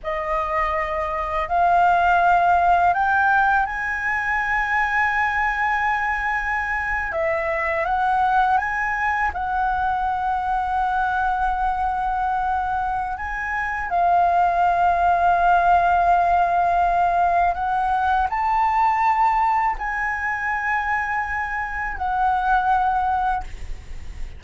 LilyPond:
\new Staff \with { instrumentName = "flute" } { \time 4/4 \tempo 4 = 82 dis''2 f''2 | g''4 gis''2.~ | gis''4.~ gis''16 e''4 fis''4 gis''16~ | gis''8. fis''2.~ fis''16~ |
fis''2 gis''4 f''4~ | f''1 | fis''4 a''2 gis''4~ | gis''2 fis''2 | }